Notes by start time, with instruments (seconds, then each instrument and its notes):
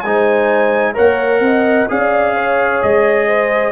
0.00 tuba G#3, trombone D#4, horn C5, trumpet G#5
0.93 tuba A#3, trombone A#4, horn C#5, trumpet F#5
1.40 tuba C4, horn D#5
1.88 tuba C#4, trombone G#4, horn D5, trumpet F5
2.34 horn C#5
2.82 tuba G#3, trumpet D#5
3.26 horn C5